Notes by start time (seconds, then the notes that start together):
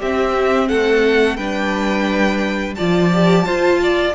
0.00 C4 G4 E5
0.69 A3 A4 F#5
1.37 G3 D4 B4 G5
2.76 F3 F4 D5 A5
3.14 G4
3.46 F4 C5
3.83 D5